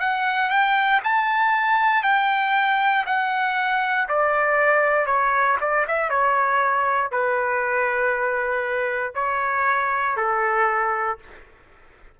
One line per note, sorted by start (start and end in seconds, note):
0.00 0.49 F#5
0.49 1.00 G5
1.04 2.03 A5
2.03 3.05 G5
3.06 4.08 F#5
4.08 5.06 D5
5.06 5.57 C#5
5.60 5.86 D5
5.88 6.10 E5
6.10 7.11 C#5
7.11 9.15 B4
9.15 10.16 C#5
10.16 11.18 A4